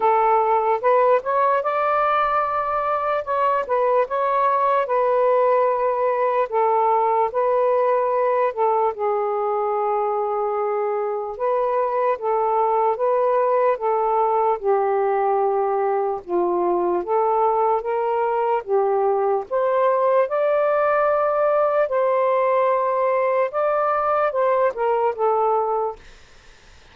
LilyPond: \new Staff \with { instrumentName = "saxophone" } { \time 4/4 \tempo 4 = 74 a'4 b'8 cis''8 d''2 | cis''8 b'8 cis''4 b'2 | a'4 b'4. a'8 gis'4~ | gis'2 b'4 a'4 |
b'4 a'4 g'2 | f'4 a'4 ais'4 g'4 | c''4 d''2 c''4~ | c''4 d''4 c''8 ais'8 a'4 | }